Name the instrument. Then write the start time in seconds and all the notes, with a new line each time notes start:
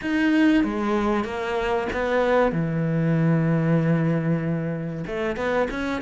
cello
0.01 D#4
0.64 G#3
1.24 A#3
1.93 B3
2.51 E3
5.06 A3
5.36 B3
5.70 C#4